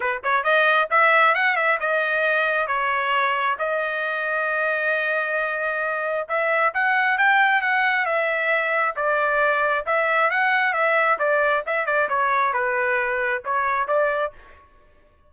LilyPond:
\new Staff \with { instrumentName = "trumpet" } { \time 4/4 \tempo 4 = 134 b'8 cis''8 dis''4 e''4 fis''8 e''8 | dis''2 cis''2 | dis''1~ | dis''2 e''4 fis''4 |
g''4 fis''4 e''2 | d''2 e''4 fis''4 | e''4 d''4 e''8 d''8 cis''4 | b'2 cis''4 d''4 | }